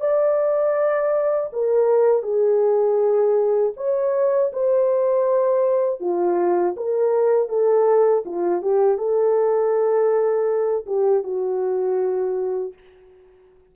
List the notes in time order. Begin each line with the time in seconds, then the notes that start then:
0.00 D5
1.52 A#4
2.22 G#4
3.76 C#5
4.52 C5
6.00 F4
6.76 A#4
7.48 A4
8.25 F4
8.61 G4
8.97 A4
10.86 G4
11.23 F#4